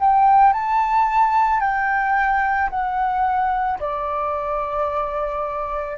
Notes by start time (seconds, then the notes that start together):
0.00 G5
0.53 A5
1.60 G5
2.70 F#5
3.79 D5